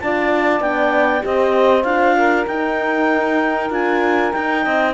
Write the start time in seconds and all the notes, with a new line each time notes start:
0.00 D4 F4 D5 A5
0.60 B3 D4 G5
1.21 C4 G4 C5 D#5
1.84 D4 F4 F5
2.17 A#4
2.47 D#4 G5
3.70 D4 F4 G#5
4.32 D#4 G5
4.63 C4 D#5